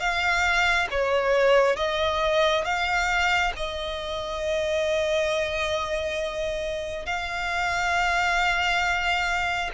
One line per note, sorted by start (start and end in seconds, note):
0.00 0.88 F5
0.91 1.77 C#5
1.77 2.65 D#5
2.65 3.53 F5
3.57 7.06 D#5
7.06 9.71 F5